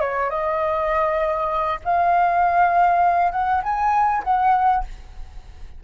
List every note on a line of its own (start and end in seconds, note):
0.00 0.30 C#5
0.30 1.80 D#5
1.84 3.32 F5
3.32 3.62 F#5
3.63 4.23 G#5
4.24 4.84 F#5